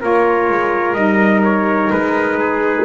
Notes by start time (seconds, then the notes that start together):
0.00 A#3 F4 A#4 C#5
0.50 G#3
0.94 G3 D#4 D#5
1.44 C#5
1.91 G#3 B4
2.38 G#4